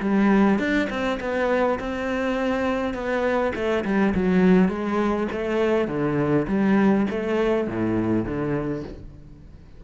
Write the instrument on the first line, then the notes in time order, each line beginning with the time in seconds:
cello
0.00 G3
0.59 D4
0.90 C4
1.20 B3
1.79 C4
2.94 B3
3.55 A3
3.84 G3
4.14 F#3
4.69 G#3
5.32 A3
5.88 D3
6.48 G3
7.10 A3
7.68 A2
8.25 D3